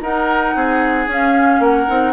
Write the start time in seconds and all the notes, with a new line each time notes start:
0.00 D#4 A#4 F#5
0.55 C4 G#4
1.07 C#4 F5
1.59 A#3 A#4 F#5
1.87 C4 D#4